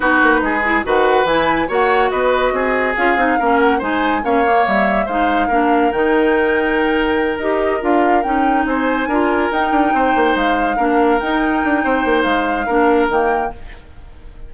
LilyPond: <<
  \new Staff \with { instrumentName = "flute" } { \time 4/4 \tempo 4 = 142 b'2 fis''4 gis''4 | fis''4 dis''2 f''4~ | f''8 fis''8 gis''4 f''4 e''4 | f''2 g''2~ |
g''4. dis''4 f''4 g''8~ | g''8 gis''2 g''4.~ | g''8 f''2 g''4.~ | g''4 f''2 g''4 | }
  \new Staff \with { instrumentName = "oboe" } { \time 4/4 fis'4 gis'4 b'2 | cis''4 b'4 gis'2 | ais'4 c''4 cis''2 | c''4 ais'2.~ |
ais'1~ | ais'8 c''4 ais'2 c''8~ | c''4. ais'2~ ais'8 | c''2 ais'2 | }
  \new Staff \with { instrumentName = "clarinet" } { \time 4/4 dis'4. e'8 fis'4 e'4 | fis'2. f'8 dis'8 | cis'4 dis'4 cis'8 ais4. | dis'4 d'4 dis'2~ |
dis'4. g'4 f'4 dis'8~ | dis'4. f'4 dis'4.~ | dis'4. d'4 dis'4.~ | dis'2 d'4 ais4 | }
  \new Staff \with { instrumentName = "bassoon" } { \time 4/4 b8 ais8 gis4 dis4 e4 | ais4 b4 c'4 cis'8 c'8 | ais4 gis4 ais4 g4 | gis4 ais4 dis2~ |
dis4. dis'4 d'4 cis'8~ | cis'8 c'4 d'4 dis'8 d'8 c'8 | ais8 gis4 ais4 dis'4 d'8 | c'8 ais8 gis4 ais4 dis4 | }
>>